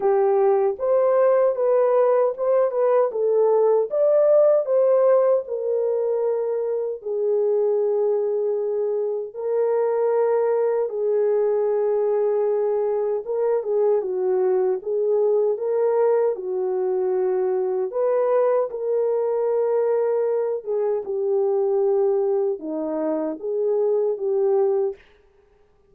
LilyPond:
\new Staff \with { instrumentName = "horn" } { \time 4/4 \tempo 4 = 77 g'4 c''4 b'4 c''8 b'8 | a'4 d''4 c''4 ais'4~ | ais'4 gis'2. | ais'2 gis'2~ |
gis'4 ais'8 gis'8 fis'4 gis'4 | ais'4 fis'2 b'4 | ais'2~ ais'8 gis'8 g'4~ | g'4 dis'4 gis'4 g'4 | }